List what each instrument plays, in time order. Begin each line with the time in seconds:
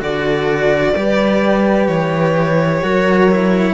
0.00 cello D3 F#4, horn A4, violin D5
0.95 cello G3 G4, horn B4
1.88 cello E3, violin C#5
2.82 cello F#3 F#4, horn A#4
3.31 cello E4